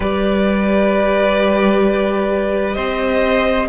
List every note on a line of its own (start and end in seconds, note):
0.00 2.76 G3
0.00 3.69 G4
0.00 2.75 B4
0.00 2.74 D5
2.74 3.69 C4
2.74 3.67 C5
2.74 3.66 D#5